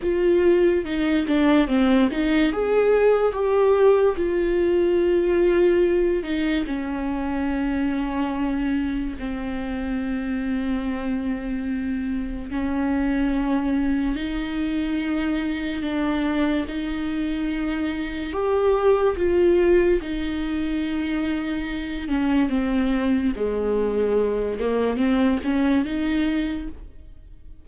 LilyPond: \new Staff \with { instrumentName = "viola" } { \time 4/4 \tempo 4 = 72 f'4 dis'8 d'8 c'8 dis'8 gis'4 | g'4 f'2~ f'8 dis'8 | cis'2. c'4~ | c'2. cis'4~ |
cis'4 dis'2 d'4 | dis'2 g'4 f'4 | dis'2~ dis'8 cis'8 c'4 | gis4. ais8 c'8 cis'8 dis'4 | }